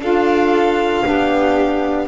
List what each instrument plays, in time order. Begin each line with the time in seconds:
0.00 double bass D4, saxophone F4, violin A4 F5
1.05 double bass B3, saxophone D4, violin G4